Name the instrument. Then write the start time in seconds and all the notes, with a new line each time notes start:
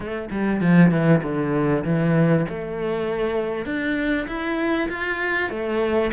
cello
0.00 A3
0.30 G3
0.60 F3
0.91 E3
1.22 D3
1.84 E3
2.48 A3
3.65 D4
4.27 E4
4.89 F4
5.49 A3